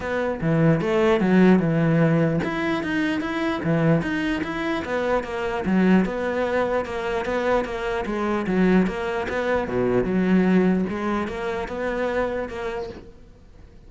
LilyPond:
\new Staff \with { instrumentName = "cello" } { \time 4/4 \tempo 4 = 149 b4 e4 a4 fis4 | e2 e'4 dis'4 | e'4 e4 dis'4 e'4 | b4 ais4 fis4 b4~ |
b4 ais4 b4 ais4 | gis4 fis4 ais4 b4 | b,4 fis2 gis4 | ais4 b2 ais4 | }